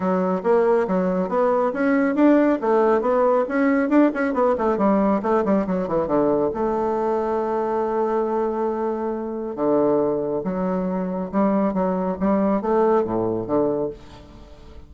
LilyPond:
\new Staff \with { instrumentName = "bassoon" } { \time 4/4 \tempo 4 = 138 fis4 ais4 fis4 b4 | cis'4 d'4 a4 b4 | cis'4 d'8 cis'8 b8 a8 g4 | a8 g8 fis8 e8 d4 a4~ |
a1~ | a2 d2 | fis2 g4 fis4 | g4 a4 a,4 d4 | }